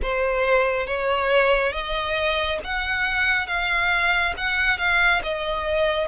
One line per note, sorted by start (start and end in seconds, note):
0.02 0.87 C5
0.87 1.72 C#5
1.72 2.59 D#5
2.63 3.47 F#5
3.47 4.34 F5
4.37 4.78 F#5
4.78 5.21 F5
5.23 6.07 D#5